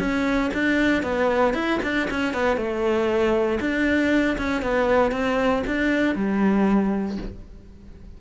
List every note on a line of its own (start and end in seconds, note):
0.00 0.51 C#4
0.54 1.03 D4
1.03 1.54 B3
1.54 1.80 E4
1.83 2.09 D4
2.11 2.34 C#4
2.34 2.57 B3
2.57 3.60 A3
3.61 4.38 D4
4.38 4.62 C#4
4.62 5.12 B3
5.12 5.63 C4
5.67 6.15 D4
6.15 7.18 G3